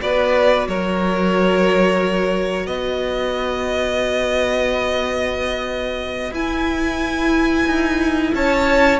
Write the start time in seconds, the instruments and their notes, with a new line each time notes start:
0.00 cello B3, viola F#4, violin B4 D5
0.67 cello F#3, violin A#4 C#5
2.66 cello B3, violin B4 D#5
6.31 cello E4, viola E4, violin G#5
7.66 cello D#4
8.34 cello C#4, violin C#5 A5